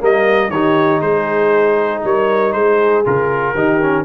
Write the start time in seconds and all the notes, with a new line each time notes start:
0.00 G3 A#3 A#4 D#5
0.50 D#3 D#4 G4 C#5
1.01 G#3 G#4 C5
2.04 G3 A#4 C#5
2.52 G#3 G#4 C5
3.05 C#3 F4 A#4
3.54 D#3 D#4 G4
3.81 C#4